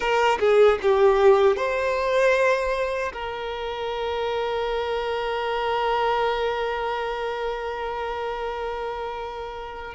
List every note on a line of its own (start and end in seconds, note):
0.00 0.38 A#4
0.39 0.78 G#4
0.81 1.56 G4
1.56 3.12 C5
3.12 9.94 A#4